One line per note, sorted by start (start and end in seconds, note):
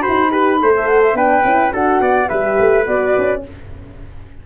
0.00 0.28 F#4
0.00 0.30 C5
0.00 0.71 B5
0.08 0.62 D#4
0.30 0.59 G4
0.30 0.60 B4
0.59 1.13 A3
0.59 1.15 A4
0.59 1.16 C5
0.76 0.87 E5
0.87 1.01 F#5
1.02 1.16 E5
1.13 1.42 B3
1.13 1.43 D4
1.13 1.72 B4
1.13 1.73 G5
1.44 1.72 C#4
1.44 1.71 E4
1.71 2.00 D4
1.71 2.27 F#4
1.71 2.01 A4
1.71 2.28 F#5
2.00 2.29 B3
2.00 2.29 D5
2.28 2.58 G3
2.28 2.85 G4
2.28 3.42 B4
2.28 2.85 E5
2.59 2.87 A3
2.85 3.15 B3
2.85 3.41 F#4
2.85 3.43 D5
3.17 3.46 C#4